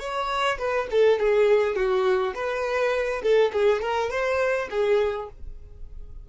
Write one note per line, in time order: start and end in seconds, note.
0.00 0.58 C#5
0.59 0.88 B4
0.91 1.20 A4
1.20 1.76 G#4
1.76 2.34 F#4
2.35 3.22 B4
3.23 3.52 A4
3.53 3.82 G#4
3.82 4.10 A#4
4.10 4.69 C5
4.71 5.29 G#4